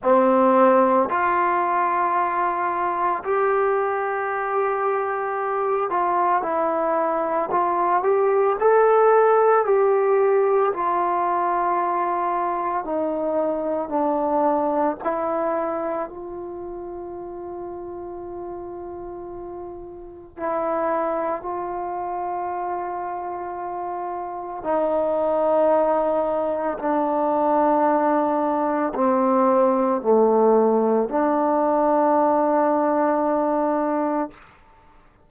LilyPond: \new Staff \with { instrumentName = "trombone" } { \time 4/4 \tempo 4 = 56 c'4 f'2 g'4~ | g'4. f'8 e'4 f'8 g'8 | a'4 g'4 f'2 | dis'4 d'4 e'4 f'4~ |
f'2. e'4 | f'2. dis'4~ | dis'4 d'2 c'4 | a4 d'2. | }